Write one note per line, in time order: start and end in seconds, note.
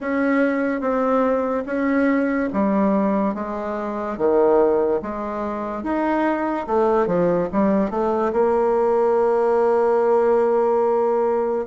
0.00 0.80 C#4
0.80 1.64 C4
1.66 2.49 C#4
2.53 3.34 G3
3.34 4.17 G#3
4.17 5.00 D#3
5.02 5.83 G#3
5.83 6.66 D#4
6.66 7.06 A3
7.06 7.48 F3
7.52 7.90 G3
7.90 8.32 A3
8.33 11.66 A#3